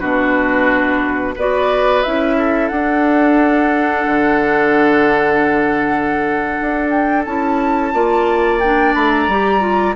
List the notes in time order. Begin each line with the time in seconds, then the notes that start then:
0.00 B2 D4 F#4 B4
1.36 B3 F#4 B4 D5
2.03 C#4 E4 E5
2.38 A4
2.69 D4 F#5
4.06 D3
6.61 D4
6.90 G5
7.25 C#4 E4 A5
7.94 A#3 F4 D5
8.60 D4 G5
8.95 A3 B5
9.10 A#5
9.28 G3 G4
9.61 F4